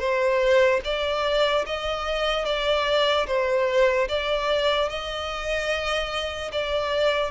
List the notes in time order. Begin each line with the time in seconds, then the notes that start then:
0.00 C5
0.85 D5
1.67 D#5
2.46 D5
3.27 C5
4.09 D5
4.89 D#5
6.52 D5